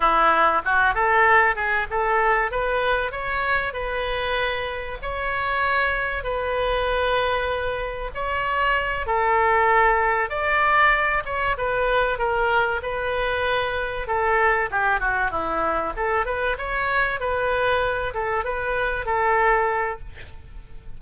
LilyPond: \new Staff \with { instrumentName = "oboe" } { \time 4/4 \tempo 4 = 96 e'4 fis'8 a'4 gis'8 a'4 | b'4 cis''4 b'2 | cis''2 b'2~ | b'4 cis''4. a'4.~ |
a'8 d''4. cis''8 b'4 ais'8~ | ais'8 b'2 a'4 g'8 | fis'8 e'4 a'8 b'8 cis''4 b'8~ | b'4 a'8 b'4 a'4. | }